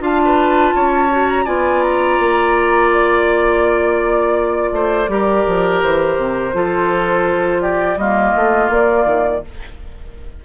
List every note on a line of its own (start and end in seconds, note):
0.00 0.72 D4
0.00 1.09 F4
0.00 0.21 F5
0.00 1.29 A5
0.25 0.75 B4
0.75 1.46 C#4
0.75 1.44 C#5
1.10 1.46 F#4
1.29 1.46 A#5
1.44 2.18 B3
1.44 5.07 F4
1.44 4.70 D5
1.44 1.82 G#5
1.82 2.90 A#5
2.19 4.72 A#3
2.93 5.82 D5
4.72 5.08 A3
4.72 5.10 C5
5.08 5.44 G3
5.08 6.53 G4
5.08 6.55 A#4
5.47 5.82 F3
5.82 6.17 E3
5.82 7.61 C5
6.17 6.53 C3
6.53 7.96 F3
6.53 7.98 F4
6.53 7.61 A4
7.61 7.98 G4
7.61 7.97 D5
7.96 8.32 G3
7.96 9.44 A#3
7.96 9.44 F4
7.96 8.70 D#5
8.35 8.69 A3
8.69 9.05 A#3
8.69 9.44 D5
9.05 9.41 D#3